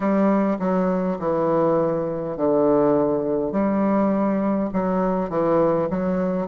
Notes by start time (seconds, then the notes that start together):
0.00 G3
0.59 F#3
1.19 E3
2.36 D3
3.51 G3
4.73 F#3
5.29 E3
5.89 F#3